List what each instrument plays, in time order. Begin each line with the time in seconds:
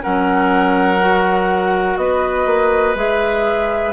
0.00 bassoon F#3, clarinet C#4, oboe A#4, flute F#5
1.00 clarinet F#4
1.97 bassoon B3, oboe B4, flute D#5
2.46 bassoon A#3
2.95 bassoon G#3, clarinet G#4, flute E5